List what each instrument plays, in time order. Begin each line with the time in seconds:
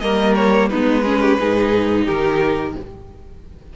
0.00 cello G3, viola A#3, violin A#4 D#5
0.35 violin C#5
0.69 viola B3, violin D#4 B4
0.75 cello G#3
1.02 viola C#4, violin G#4
1.21 violin G4
1.39 cello G#2, viola D#4, violin G#4
2.05 cello D#3, violin G4 A#4